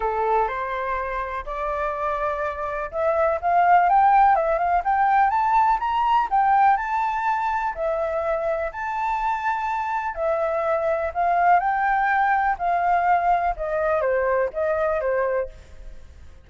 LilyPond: \new Staff \with { instrumentName = "flute" } { \time 4/4 \tempo 4 = 124 a'4 c''2 d''4~ | d''2 e''4 f''4 | g''4 e''8 f''8 g''4 a''4 | ais''4 g''4 a''2 |
e''2 a''2~ | a''4 e''2 f''4 | g''2 f''2 | dis''4 c''4 dis''4 c''4 | }